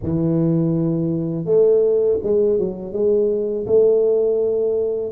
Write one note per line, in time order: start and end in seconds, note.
0.03 1.45 E3
1.45 2.18 A3
2.23 2.58 G#3
2.58 2.92 F#3
2.92 3.66 G#3
3.66 5.12 A3